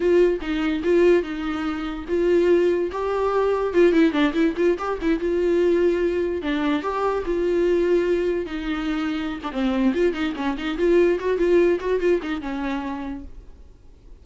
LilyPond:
\new Staff \with { instrumentName = "viola" } { \time 4/4 \tempo 4 = 145 f'4 dis'4 f'4 dis'4~ | dis'4 f'2 g'4~ | g'4 f'8 e'8 d'8 e'8 f'8 g'8 | e'8 f'2. d'8~ |
d'8 g'4 f'2~ f'8~ | f'8 dis'2~ dis'16 d'16 c'4 | f'8 dis'8 cis'8 dis'8 f'4 fis'8 f'8~ | f'8 fis'8 f'8 dis'8 cis'2 | }